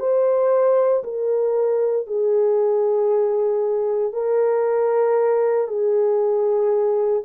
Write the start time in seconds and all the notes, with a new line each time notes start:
0.00 C5
1.04 A#4
2.07 G#4
4.13 A#4
5.68 G#4